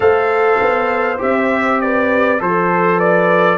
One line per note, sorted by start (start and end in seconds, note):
0.00 0.59 A3
0.00 1.17 A4
0.00 1.78 C5
0.00 1.20 F5
0.60 1.21 B3
1.18 2.40 C4
1.18 2.38 G4
1.18 1.80 E5
1.80 2.40 B4
1.80 2.41 D5
2.38 3.58 F3
2.38 3.58 A4
2.38 2.96 A4
2.38 2.99 C5
2.96 3.56 B4
2.96 3.58 D5